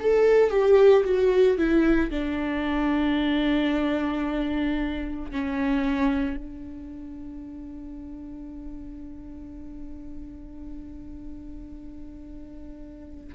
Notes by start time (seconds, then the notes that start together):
0.00 A4
0.50 G4
1.04 F#4
1.58 E4
2.11 D4
5.32 C#4
6.37 D4